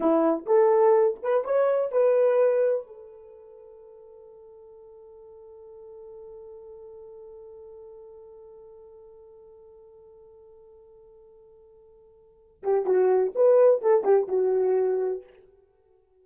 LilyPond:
\new Staff \with { instrumentName = "horn" } { \time 4/4 \tempo 4 = 126 e'4 a'4. b'8 cis''4 | b'2 a'2~ | a'1~ | a'1~ |
a'1~ | a'1~ | a'2~ a'8 g'8 fis'4 | b'4 a'8 g'8 fis'2 | }